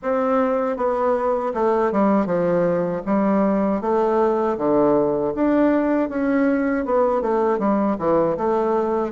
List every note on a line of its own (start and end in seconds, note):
0.02 0.76 C4
0.76 1.52 B3
1.54 1.92 A3
1.92 2.26 G3
2.26 3.02 F3
3.06 3.81 G3
3.81 4.57 A3
4.57 5.33 D3
5.34 6.09 D4
6.09 6.85 C#4
6.85 7.21 B3
7.21 7.58 A3
7.58 7.96 G3
7.98 8.36 E3
8.37 9.12 A3